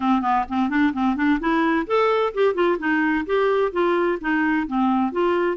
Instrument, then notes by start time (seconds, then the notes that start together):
clarinet
0.00 C4
0.21 B3
0.48 C4
0.69 D4
0.93 C4
1.15 D4
1.40 E4
1.86 A4
2.34 G4
2.54 F4
2.78 D#4
3.26 G4
3.72 F4
4.21 D#4
4.67 C4
5.12 F4